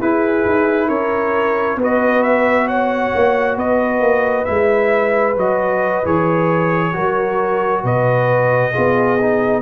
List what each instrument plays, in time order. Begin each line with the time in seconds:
0.00 tuba E4, trombone E4, horn G#4, trumpet B4
0.45 tuba D#4
0.87 tuba C#4, horn A#4, trumpet C#5
1.76 tuba B3, trombone F#4, horn B4
1.84 trumpet D#5
2.23 trumpet E5
2.67 horn C#5, trumpet F#5
3.15 tuba A#3
3.56 tuba B3, horn B4, trumpet D#5
4.00 tuba A#3
4.45 tuba G#3, trombone E4, trumpet E5
5.36 tuba F#3, trombone F#4, trumpet D#5
6.04 tuba E3, trombone G#4, trumpet C#5
6.93 tuba F#3, trombone F#4, horn A#4
7.83 tuba B2, horn B4, trumpet D#5
8.71 tuba B3, trombone F4, horn G#4
9.20 trombone D#4